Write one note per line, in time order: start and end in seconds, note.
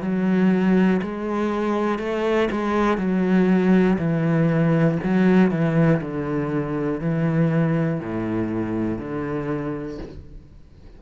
0.00 1.00 F#3
1.02 1.98 G#3
1.98 2.48 A3
2.51 2.97 G#3
2.97 3.97 F#3
3.98 4.98 E3
5.03 5.50 F#3
5.50 6.00 E3
6.00 7.00 D3
7.00 8.00 E3
8.00 8.98 A2
8.98 9.98 D3